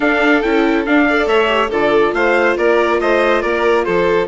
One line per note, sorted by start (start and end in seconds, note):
0.00 0.43 D4
0.00 1.07 A4
0.00 0.42 F5
0.42 0.86 C#4
0.42 0.86 E4
0.42 0.85 G5
0.85 1.07 D4
0.85 1.26 D4
0.85 1.27 F5
1.08 1.47 A4
1.08 1.28 D5
1.26 1.69 A3
1.26 1.69 C#5
1.26 1.70 E5
1.47 1.68 G4
1.69 2.12 D3
1.69 4.28 F4
1.69 2.12 A4
1.69 2.14 D5
2.12 2.55 A3
2.12 2.57 C5
2.12 2.57 F5
2.57 3.00 A#3
2.57 3.00 A#4
2.57 3.00 D5
3.00 3.43 A3
3.00 3.41 C5
3.00 3.41 D#5
3.41 3.86 A#3
3.41 3.84 A#4
3.41 3.84 D5
3.85 4.28 F3
3.85 4.28 A4
3.85 4.27 C5